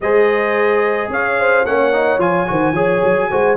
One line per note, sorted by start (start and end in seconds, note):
0.01 1.09 G#3
0.01 1.66 G#4
0.01 1.11 C5
0.01 1.11 D#5
1.09 1.64 C#4
1.09 1.39 C#5
1.09 1.65 F5
1.39 1.66 C5
1.65 2.18 A#3
1.65 1.93 C#4
1.65 2.49 C#5
1.65 2.20 F#5
1.93 2.19 D#4
2.18 2.45 F3
2.18 2.46 F4
2.18 3.56 G#5
2.46 2.72 D#3
2.46 2.74 F#4
2.46 2.73 C5
2.72 3.00 F3
2.72 3.30 G#4
2.72 3.28 C#5
3.03 3.31 F#3
3.31 3.56 G#3
3.31 3.56 F#4
3.31 3.56 C5